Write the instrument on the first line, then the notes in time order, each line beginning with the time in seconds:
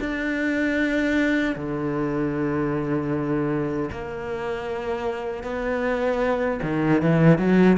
cello
0.00 D4
1.56 D3
3.92 A#3
5.44 B3
6.63 D#3
7.02 E3
7.38 F#3